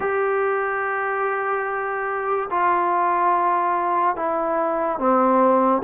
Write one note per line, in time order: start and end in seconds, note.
0.00 2.49 G4
2.50 4.16 F4
4.16 4.98 E4
4.98 5.81 C4